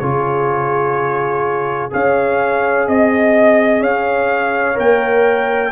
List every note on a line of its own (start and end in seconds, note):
0.00 1.92 C#3
0.00 1.90 F4
0.00 1.92 G#4
0.00 1.90 C#5
1.90 2.88 C#4
1.90 4.75 G#4
1.90 2.88 C#5
1.90 2.88 F5
2.88 3.81 C4
2.88 3.83 D#5
2.88 3.81 D#5
3.81 4.76 C#4
3.81 5.71 C#5
3.81 4.78 F5
4.75 5.73 A#3
4.75 5.70 A#4
4.75 5.73 G5